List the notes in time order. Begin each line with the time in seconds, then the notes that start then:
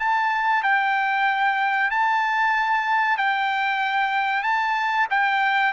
0.00 A5
0.63 G5
1.91 A5
3.18 G5
4.44 A5
5.11 G5